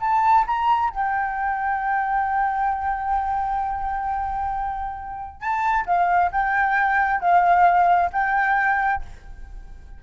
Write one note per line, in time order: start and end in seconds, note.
0.00 0.45 A5
0.47 0.90 A#5
0.90 5.40 G5
5.40 5.85 A5
5.86 6.31 F5
6.31 7.20 G5
7.20 8.10 F5
8.12 9.02 G5